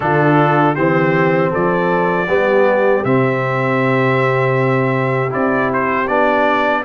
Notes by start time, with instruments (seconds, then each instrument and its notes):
0.00 tuba D3, trombone D4, horn F4, trumpet A4
0.74 tuba E3, trombone C4, horn G4, trumpet C5
1.50 tuba F3, horn A4, trumpet D5
2.27 tuba G3, trombone B3, horn G4
3.04 tuba C3, trombone C4, trumpet E5
5.29 tuba C4, trombone E4, trumpet D5
5.73 trumpet C5
6.07 tuba B3, trombone D4, trumpet D5